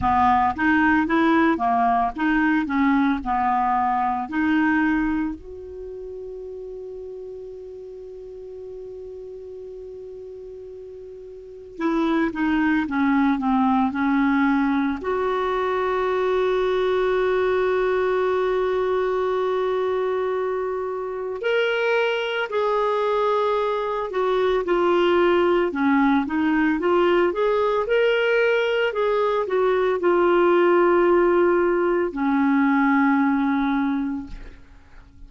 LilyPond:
\new Staff \with { instrumentName = "clarinet" } { \time 4/4 \tempo 4 = 56 b8 dis'8 e'8 ais8 dis'8 cis'8 b4 | dis'4 fis'2.~ | fis'2. e'8 dis'8 | cis'8 c'8 cis'4 fis'2~ |
fis'1 | ais'4 gis'4. fis'8 f'4 | cis'8 dis'8 f'8 gis'8 ais'4 gis'8 fis'8 | f'2 cis'2 | }